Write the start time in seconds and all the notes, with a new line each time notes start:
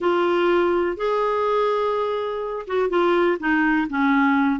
0.00 F4
0.96 G#4
2.67 F#4
2.89 F4
3.39 D#4
3.89 C#4